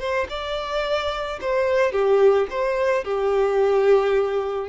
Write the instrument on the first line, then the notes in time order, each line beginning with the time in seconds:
violin
0.00 C5
0.30 D5
1.41 C5
1.93 G4
2.51 C5
3.05 G4